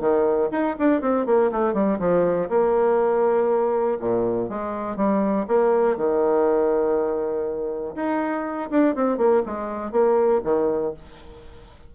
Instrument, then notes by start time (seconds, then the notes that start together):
bassoon
0.00 D#3
0.51 D#4
0.79 D4
1.01 C4
1.26 A#3
1.52 A3
1.74 G3
1.99 F3
2.50 A#3
4.00 A#2
4.50 G#3
4.97 G3
5.48 A#3
5.97 D#3
7.96 D#4
8.71 D4
8.95 C4
9.18 A#3
9.46 G#3
9.92 A#3
10.44 D#3